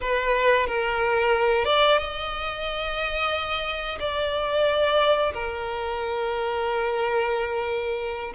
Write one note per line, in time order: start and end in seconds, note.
0.01 0.66 B4
0.66 1.65 A#4
1.65 1.98 D5
1.98 3.98 D#5
3.99 5.32 D5
5.33 8.33 A#4